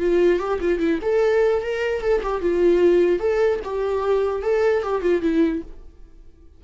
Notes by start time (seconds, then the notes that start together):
0.00 F4
0.40 G4
0.61 F4
0.80 E4
1.03 A4
1.62 A#4
2.02 A4
2.23 G4
2.42 F4
3.20 A4
3.64 G4
4.43 A4
4.83 G4
5.02 F4
5.22 E4